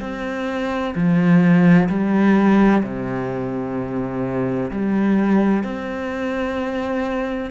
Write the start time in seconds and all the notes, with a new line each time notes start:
0.00 C4
0.95 F3
1.89 G3
2.83 C3
4.71 G3
5.63 C4